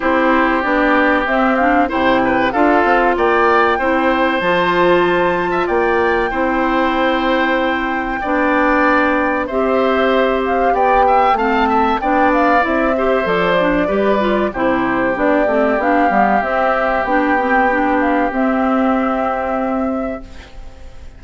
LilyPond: <<
  \new Staff \with { instrumentName = "flute" } { \time 4/4 \tempo 4 = 95 c''4 d''4 e''8 f''8 g''4 | f''4 g''2 a''4~ | a''4 g''2.~ | g''2. e''4~ |
e''8 f''8 g''4 a''4 g''8 f''8 | e''4 d''2 c''4 | d''4 f''4 e''4 g''4~ | g''8 f''8 e''2. | }
  \new Staff \with { instrumentName = "oboe" } { \time 4/4 g'2. c''8 b'8 | a'4 d''4 c''2~ | c''8. e''16 d''4 c''2~ | c''4 d''2 c''4~ |
c''4 d''8 e''8 f''8 e''8 d''4~ | d''8 c''4. b'4 g'4~ | g'1~ | g'1 | }
  \new Staff \with { instrumentName = "clarinet" } { \time 4/4 e'4 d'4 c'8 d'8 e'4 | f'2 e'4 f'4~ | f'2 e'2~ | e'4 d'2 g'4~ |
g'2 c'4 d'4 | e'8 g'8 a'8 d'8 g'8 f'8 e'4 | d'8 c'8 d'8 b8 c'4 d'8 c'8 | d'4 c'2. | }
  \new Staff \with { instrumentName = "bassoon" } { \time 4/4 c'4 b4 c'4 c4 | d'8 c'8 ais4 c'4 f4~ | f4 ais4 c'2~ | c'4 b2 c'4~ |
c'4 b4 a4 b4 | c'4 f4 g4 c4 | b8 a8 b8 g8 c'4 b4~ | b4 c'2. | }
>>